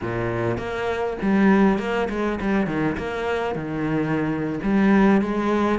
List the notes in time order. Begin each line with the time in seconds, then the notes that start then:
0.01 A#2
0.57 A#3
1.22 G3
1.78 A#3
2.09 G#3
2.40 G3
2.67 D#3
2.97 A#3
3.55 D#3
4.63 G3
5.21 G#3